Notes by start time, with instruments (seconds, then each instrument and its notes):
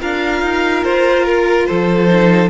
0.00 cello D4, viola F4, violin A#4 F5
0.41 cello D#4
0.84 cello F4, violin C5
1.24 violin A#4
1.66 cello F3, violin A4 C5
2.07 viola D#4